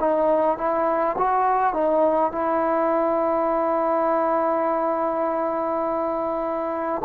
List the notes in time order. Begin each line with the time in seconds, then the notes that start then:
0.00 D#4
0.58 E4
1.18 F#4
1.74 D#4
2.32 E4